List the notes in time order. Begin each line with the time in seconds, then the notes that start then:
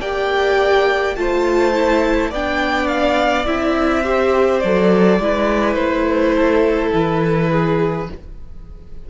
0.00 A#3 G4 D5 G5
1.16 A3 F4 C5 A5
1.74 E4
2.30 B3 D4 D5 G5
2.87 F5
3.46 C4 E4 E5
4.04 G4 C5
4.60 F#3 A4 D5
5.19 G#3 E4 B4
5.74 A3 C5
6.36 A4
6.94 E3 B4
7.51 G#4